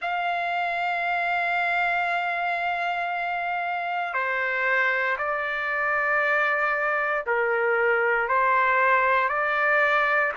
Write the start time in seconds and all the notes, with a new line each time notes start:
0.01 F5
4.13 C5
5.18 D5
7.26 A#4
8.28 C5
9.28 D5